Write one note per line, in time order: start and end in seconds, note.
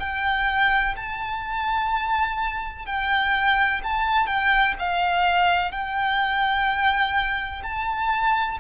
0.00 0.95 G5
0.97 2.86 A5
2.86 3.81 G5
3.84 4.27 A5
4.27 4.74 G5
4.79 5.72 F5
5.72 7.62 G5
7.63 8.58 A5